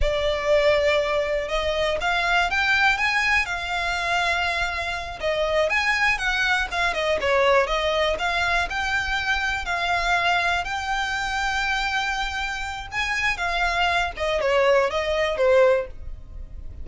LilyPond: \new Staff \with { instrumentName = "violin" } { \time 4/4 \tempo 4 = 121 d''2. dis''4 | f''4 g''4 gis''4 f''4~ | f''2~ f''8 dis''4 gis''8~ | gis''8 fis''4 f''8 dis''8 cis''4 dis''8~ |
dis''8 f''4 g''2 f''8~ | f''4. g''2~ g''8~ | g''2 gis''4 f''4~ | f''8 dis''8 cis''4 dis''4 c''4 | }